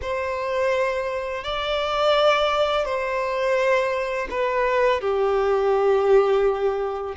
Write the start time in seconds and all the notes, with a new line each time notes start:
0.01 C5
1.44 D5
2.85 C5
4.30 B4
5.00 G4